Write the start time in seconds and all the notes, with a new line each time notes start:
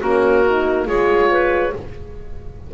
0.00 A#3 C#4 F#4 A#4
0.46 D#4
0.86 G#3 F4 G#4 C#5
1.30 B4